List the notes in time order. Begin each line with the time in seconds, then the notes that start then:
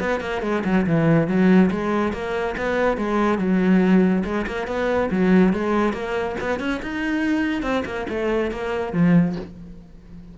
0.00 B3
0.21 A#3
0.42 G#3
0.65 F#3
0.87 E3
1.27 F#3
1.71 G#3
2.13 A#3
2.57 B3
2.97 G#3
3.39 F#3
4.25 G#3
4.47 A#3
4.67 B3
5.11 F#3
5.53 G#3
5.93 A#3
6.40 B3
6.60 C#4
6.82 D#4
7.62 C4
7.85 A#3
8.09 A3
8.51 A#3
8.93 F3